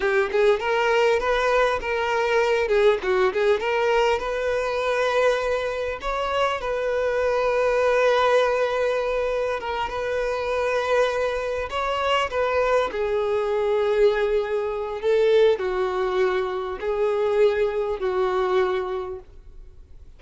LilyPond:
\new Staff \with { instrumentName = "violin" } { \time 4/4 \tempo 4 = 100 g'8 gis'8 ais'4 b'4 ais'4~ | ais'8 gis'8 fis'8 gis'8 ais'4 b'4~ | b'2 cis''4 b'4~ | b'1 |
ais'8 b'2. cis''8~ | cis''8 b'4 gis'2~ gis'8~ | gis'4 a'4 fis'2 | gis'2 fis'2 | }